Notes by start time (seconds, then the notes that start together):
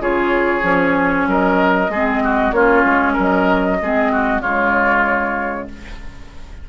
0.00 C#3 F4 G#4 C#5
0.61 F3 C#4
1.27 F#3 A#4 D#5
1.89 G#3 C4 G#4
2.23 F#4
2.51 A#3 C#4 F4 C#5
2.85 G#3
3.13 F#3 A#4
3.21 D#5
3.81 G#3 C4 G#4
4.12 F#4
4.41 C#3 G#3 F4 C#5